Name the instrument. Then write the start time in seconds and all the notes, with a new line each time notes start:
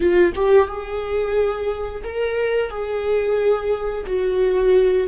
viola
0.00 F4
0.35 G4
0.67 G#4
2.03 A#4
2.70 G#4
4.06 F#4